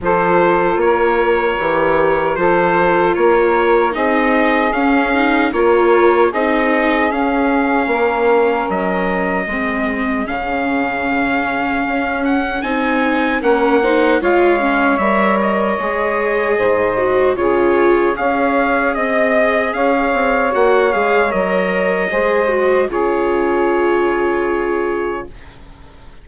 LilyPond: <<
  \new Staff \with { instrumentName = "trumpet" } { \time 4/4 \tempo 4 = 76 c''4 cis''2 c''4 | cis''4 dis''4 f''4 cis''4 | dis''4 f''2 dis''4~ | dis''4 f''2~ f''8 fis''8 |
gis''4 fis''4 f''4 e''8 dis''8~ | dis''2 cis''4 f''4 | dis''4 f''4 fis''8 f''8 dis''4~ | dis''4 cis''2. | }
  \new Staff \with { instrumentName = "saxophone" } { \time 4/4 a'4 ais'2 a'4 | ais'4 gis'2 ais'4 | gis'2 ais'2 | gis'1~ |
gis'4 ais'8 c''8 cis''2~ | cis''4 c''4 gis'4 cis''4 | dis''4 cis''2. | c''4 gis'2. | }
  \new Staff \with { instrumentName = "viola" } { \time 4/4 f'2 g'4 f'4~ | f'4 dis'4 cis'8 dis'8 f'4 | dis'4 cis'2. | c'4 cis'2. |
dis'4 cis'8 dis'8 f'8 cis'8 ais'4 | gis'4. fis'8 f'4 gis'4~ | gis'2 fis'8 gis'8 ais'4 | gis'8 fis'8 f'2. | }
  \new Staff \with { instrumentName = "bassoon" } { \time 4/4 f4 ais4 e4 f4 | ais4 c'4 cis'4 ais4 | c'4 cis'4 ais4 fis4 | gis4 cis2 cis'4 |
c'4 ais4 gis4 g4 | gis4 gis,4 cis4 cis'4 | c'4 cis'8 c'8 ais8 gis8 fis4 | gis4 cis2. | }
>>